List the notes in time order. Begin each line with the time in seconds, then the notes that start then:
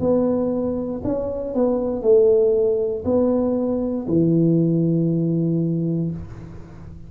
0.00 B3
1.04 C#4
1.54 B3
2.02 A3
3.05 B3
4.07 E3